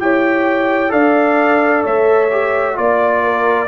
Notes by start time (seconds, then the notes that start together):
0.00 E4 G4 C#5 G5
0.90 D4 A4 D5 F5
1.84 A3 C#5 E5
2.32 G4
2.75 A#3 F4 D5
3.24 A#4